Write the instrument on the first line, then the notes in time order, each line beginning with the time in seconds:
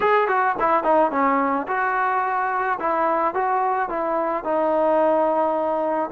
trombone
0.00 G#4
0.28 F#4
0.59 E4
0.83 D#4
1.11 C#4
1.67 F#4
2.79 E4
3.34 F#4
3.89 E4
4.43 D#4